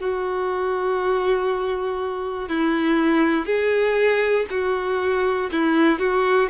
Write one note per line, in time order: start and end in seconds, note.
0.00 2.49 F#4
2.49 3.46 E4
3.46 4.46 G#4
4.50 5.50 F#4
5.52 6.00 E4
6.00 6.50 F#4